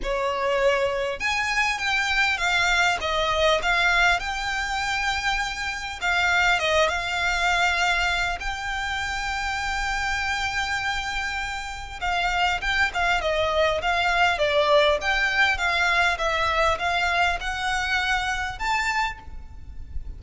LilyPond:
\new Staff \with { instrumentName = "violin" } { \time 4/4 \tempo 4 = 100 cis''2 gis''4 g''4 | f''4 dis''4 f''4 g''4~ | g''2 f''4 dis''8 f''8~ | f''2 g''2~ |
g''1 | f''4 g''8 f''8 dis''4 f''4 | d''4 g''4 f''4 e''4 | f''4 fis''2 a''4 | }